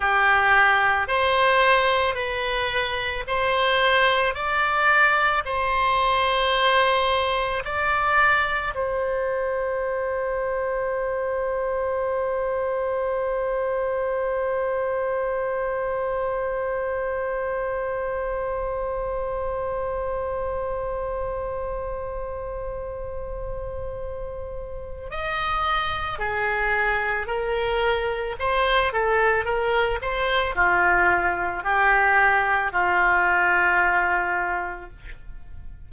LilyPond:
\new Staff \with { instrumentName = "oboe" } { \time 4/4 \tempo 4 = 55 g'4 c''4 b'4 c''4 | d''4 c''2 d''4 | c''1~ | c''1~ |
c''1~ | c''2. dis''4 | gis'4 ais'4 c''8 a'8 ais'8 c''8 | f'4 g'4 f'2 | }